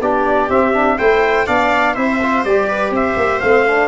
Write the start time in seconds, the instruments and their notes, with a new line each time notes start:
0.00 tuba B3, trombone D4, viola G4, trumpet D5
0.49 trombone C4, tuba C4, trumpet E5
0.73 trombone D4
0.98 tuba A3, trombone E4, viola C5, trumpet G5
1.46 tuba B3, trombone D4, viola D5, trumpet F5
1.93 tuba C4, trombone E4, viola C5, trumpet E5
2.22 trombone F4
2.43 tuba G3, trombone G4, trumpet D5
2.68 viola B4
2.90 tuba C4, viola C5, trumpet E5
3.16 tuba A#3
3.40 tuba A3, trombone C4, trumpet F5
3.67 trombone D4